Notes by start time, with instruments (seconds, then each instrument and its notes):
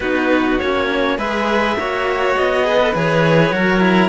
0.00 cello B3 D#4, violin F#4, clarinet B4
0.59 cello A#3 C#4, clarinet C#5
1.17 cello G#3 G#4, violin B4, clarinet E5
1.76 cello A#3 F#4, violin C#5
2.35 cello B3, clarinet D#5
2.63 cello G#4, violin B4
2.79 cello A4
2.94 cello E3 G#4, clarinet C#5
3.51 cello F#3 F#4, violin A#4
3.80 cello E4